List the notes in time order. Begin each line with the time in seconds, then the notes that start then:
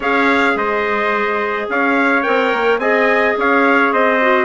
0.00 C#4 G#4 C#5 F5
0.55 G#3 C5 D#5
1.68 C#4 C#5 F5
2.22 C4 A#4 G5
2.53 A#3
2.77 C4 G#4 D#5 G#5
3.37 C#4 C#5 F5
3.92 C4 C5 D#5
4.21 F#4